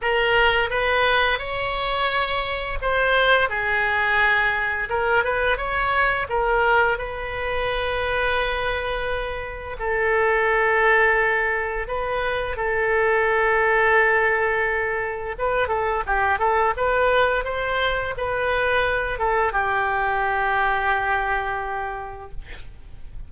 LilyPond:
\new Staff \with { instrumentName = "oboe" } { \time 4/4 \tempo 4 = 86 ais'4 b'4 cis''2 | c''4 gis'2 ais'8 b'8 | cis''4 ais'4 b'2~ | b'2 a'2~ |
a'4 b'4 a'2~ | a'2 b'8 a'8 g'8 a'8 | b'4 c''4 b'4. a'8 | g'1 | }